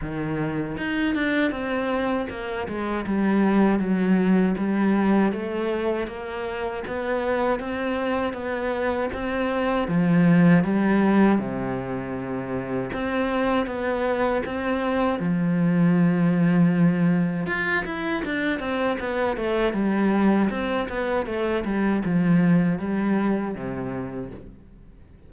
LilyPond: \new Staff \with { instrumentName = "cello" } { \time 4/4 \tempo 4 = 79 dis4 dis'8 d'8 c'4 ais8 gis8 | g4 fis4 g4 a4 | ais4 b4 c'4 b4 | c'4 f4 g4 c4~ |
c4 c'4 b4 c'4 | f2. f'8 e'8 | d'8 c'8 b8 a8 g4 c'8 b8 | a8 g8 f4 g4 c4 | }